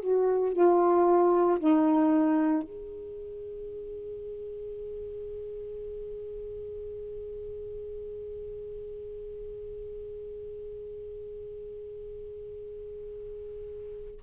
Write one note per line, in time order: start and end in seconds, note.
0.00 0.53 F#4
0.53 1.58 F4
1.59 2.62 D#4
2.62 14.20 G#4